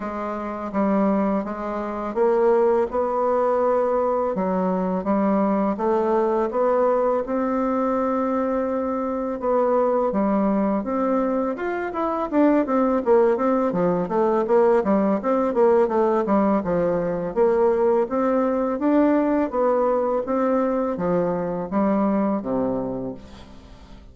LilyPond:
\new Staff \with { instrumentName = "bassoon" } { \time 4/4 \tempo 4 = 83 gis4 g4 gis4 ais4 | b2 fis4 g4 | a4 b4 c'2~ | c'4 b4 g4 c'4 |
f'8 e'8 d'8 c'8 ais8 c'8 f8 a8 | ais8 g8 c'8 ais8 a8 g8 f4 | ais4 c'4 d'4 b4 | c'4 f4 g4 c4 | }